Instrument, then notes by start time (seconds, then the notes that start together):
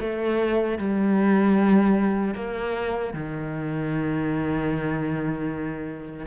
cello
0.00 A3
0.79 G3
2.35 A#3
3.14 D#3